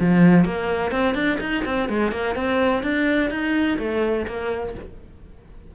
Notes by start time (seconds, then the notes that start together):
0.00 F3
0.45 A#3
0.91 C4
1.15 D4
1.40 D#4
1.65 C4
1.89 G#3
2.12 A#3
2.35 C4
2.83 D4
3.30 D#4
3.79 A3
4.27 A#3